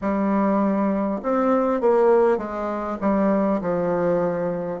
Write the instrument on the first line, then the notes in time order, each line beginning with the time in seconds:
bassoon
0.01 G3
1.22 C4
1.81 A#3
2.37 G#3
3.00 G3
3.61 F3